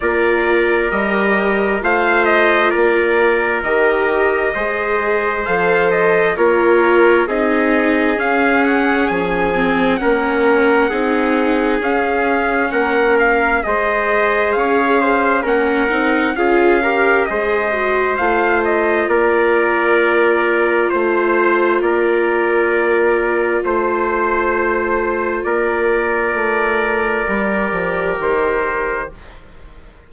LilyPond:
<<
  \new Staff \with { instrumentName = "trumpet" } { \time 4/4 \tempo 4 = 66 d''4 dis''4 f''8 dis''8 d''4 | dis''2 f''8 dis''8 cis''4 | dis''4 f''8 fis''8 gis''4 fis''4~ | fis''4 f''4 fis''8 f''8 dis''4 |
f''4 fis''4 f''4 dis''4 | f''8 dis''8 d''2 c''4 | d''2 c''2 | d''2. c''4 | }
  \new Staff \with { instrumentName = "trumpet" } { \time 4/4 ais'2 c''4 ais'4~ | ais'4 c''2 ais'4 | gis'2. ais'4 | gis'2 ais'4 c''4 |
cis''8 c''8 ais'4 gis'8 ais'8 c''4~ | c''4 ais'2 c''4 | ais'2 c''2 | ais'1 | }
  \new Staff \with { instrumentName = "viola" } { \time 4/4 f'4 g'4 f'2 | g'4 gis'4 a'4 f'4 | dis'4 cis'4. c'8 cis'4 | dis'4 cis'2 gis'4~ |
gis'4 cis'8 dis'8 f'8 g'8 gis'8 fis'8 | f'1~ | f'1~ | f'2 g'2 | }
  \new Staff \with { instrumentName = "bassoon" } { \time 4/4 ais4 g4 a4 ais4 | dis4 gis4 f4 ais4 | c'4 cis'4 f4 ais4 | c'4 cis'4 ais4 gis4 |
cis'4 ais8 c'8 cis'4 gis4 | a4 ais2 a4 | ais2 a2 | ais4 a4 g8 f8 dis4 | }
>>